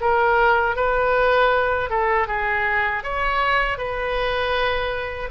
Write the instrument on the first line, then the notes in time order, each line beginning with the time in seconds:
oboe
0.00 A#4
0.75 B4
1.90 A4
2.27 G#4
3.03 C#5
3.77 B4